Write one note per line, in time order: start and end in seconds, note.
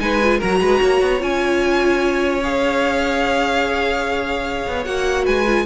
0.00 0.41 G#3
0.00 0.20 D#4
0.00 0.39 B4
0.00 0.41 G#5
0.23 0.41 F4
0.39 0.61 F#3
0.39 1.20 F#4
0.39 0.59 A#4
0.39 1.22 A#5
0.61 0.81 G#3
0.61 0.81 B4
0.82 1.02 A#3
0.82 5.25 C#5
1.02 1.22 B3
1.20 4.67 C#4
1.20 2.42 F4
1.20 2.44 G#5
2.43 4.86 G#4
2.43 4.85 F5
4.67 4.87 B3
4.85 5.27 A#3
4.85 5.46 F#4
4.85 5.25 F#5
5.25 5.66 G#3
5.25 5.65 B4
5.25 5.66 G#5
5.47 5.66 F4